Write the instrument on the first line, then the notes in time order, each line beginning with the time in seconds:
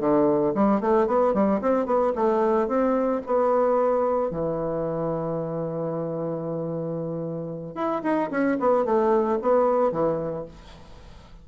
bassoon
0.00 D3
0.55 G3
0.81 A3
1.07 B3
1.34 G3
1.62 C4
1.86 B3
2.16 A3
2.68 C4
3.27 B3
4.31 E3
7.76 E4
8.04 D#4
8.31 C#4
8.60 B3
8.85 A3
9.42 B3
9.92 E3